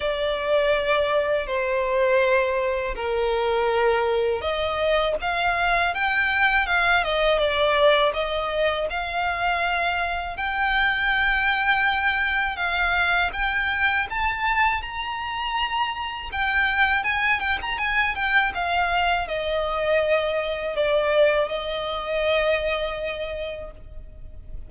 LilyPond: \new Staff \with { instrumentName = "violin" } { \time 4/4 \tempo 4 = 81 d''2 c''2 | ais'2 dis''4 f''4 | g''4 f''8 dis''8 d''4 dis''4 | f''2 g''2~ |
g''4 f''4 g''4 a''4 | ais''2 g''4 gis''8 g''16 ais''16 | gis''8 g''8 f''4 dis''2 | d''4 dis''2. | }